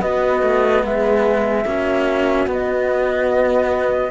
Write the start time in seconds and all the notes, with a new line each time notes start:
0.00 B3 F#4 D#5
0.42 A3
0.83 G#3 G#4 E5
1.65 A#3 C#4 F#4
2.46 B3 D#5